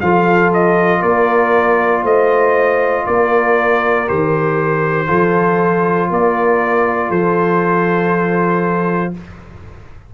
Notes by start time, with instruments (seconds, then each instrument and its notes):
0.00 tuba F3, trombone F4, horn A4, trumpet F5
0.53 trumpet D#5
1.00 tuba A#3, horn A#4, trumpet D5
2.02 tuba A3, horn C5, trumpet D#5
3.06 tuba A#3, horn A#4, trumpet D5
4.07 tuba D#3, trombone G4, trumpet C5
5.07 tuba F3, trombone F4, horn A4
6.09 tuba A#3, horn A#4, trumpet D5
7.08 tuba F3, horn A4, trumpet C5